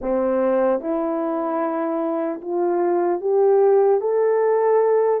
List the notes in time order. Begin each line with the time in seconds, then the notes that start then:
0.01 C4
0.80 E4
2.41 F4
3.20 G4
4.00 A4